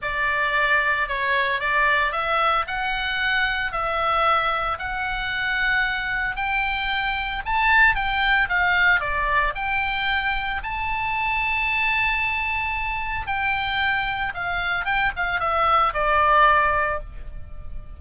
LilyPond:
\new Staff \with { instrumentName = "oboe" } { \time 4/4 \tempo 4 = 113 d''2 cis''4 d''4 | e''4 fis''2 e''4~ | e''4 fis''2. | g''2 a''4 g''4 |
f''4 d''4 g''2 | a''1~ | a''4 g''2 f''4 | g''8 f''8 e''4 d''2 | }